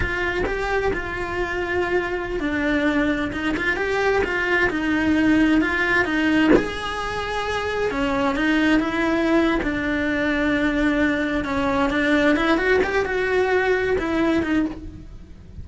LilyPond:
\new Staff \with { instrumentName = "cello" } { \time 4/4 \tempo 4 = 131 f'4 g'4 f'2~ | f'4~ f'16 d'2 dis'8 f'16~ | f'16 g'4 f'4 dis'4.~ dis'16~ | dis'16 f'4 dis'4 gis'4.~ gis'16~ |
gis'4~ gis'16 cis'4 dis'4 e'8.~ | e'4 d'2.~ | d'4 cis'4 d'4 e'8 fis'8 | g'8 fis'2 e'4 dis'8 | }